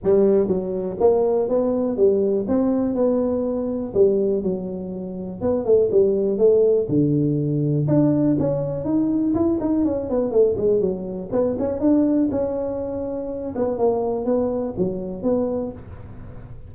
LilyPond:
\new Staff \with { instrumentName = "tuba" } { \time 4/4 \tempo 4 = 122 g4 fis4 ais4 b4 | g4 c'4 b2 | g4 fis2 b8 a8 | g4 a4 d2 |
d'4 cis'4 dis'4 e'8 dis'8 | cis'8 b8 a8 gis8 fis4 b8 cis'8 | d'4 cis'2~ cis'8 b8 | ais4 b4 fis4 b4 | }